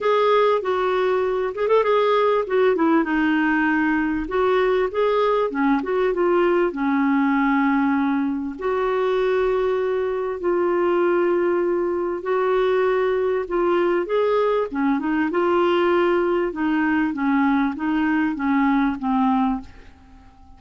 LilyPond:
\new Staff \with { instrumentName = "clarinet" } { \time 4/4 \tempo 4 = 98 gis'4 fis'4. gis'16 a'16 gis'4 | fis'8 e'8 dis'2 fis'4 | gis'4 cis'8 fis'8 f'4 cis'4~ | cis'2 fis'2~ |
fis'4 f'2. | fis'2 f'4 gis'4 | cis'8 dis'8 f'2 dis'4 | cis'4 dis'4 cis'4 c'4 | }